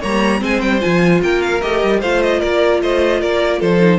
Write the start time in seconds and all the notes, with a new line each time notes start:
0.00 G3 A#3 C#5 A#5
0.39 G#3 C4 C5 G#5
0.60 G3 G5
0.80 F3 F4 G#5
1.22 A#3 A#4 G5
1.41 F5
1.61 A3 G4 D#5
1.83 G3
2.00 A3 F4 C5 F5
2.22 D#5
2.40 A#3 A#4 D5
2.82 A3 C5 D#5
3.20 A#3 A#4 D5
3.59 F3 A4 C5
3.80 D#4